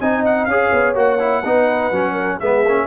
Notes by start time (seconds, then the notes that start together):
0.00 C4 D#4 D#5 G#5
0.26 F#5
0.46 C#4 G#4 C#5 F5
0.73 B3
0.95 A#3 F#4 F#5
1.20 E4
1.43 B3 D#4 B4
1.92 F#3 C#4
2.13 A#4
2.39 G#3 B3 G#4 E5
2.65 A#3 C#4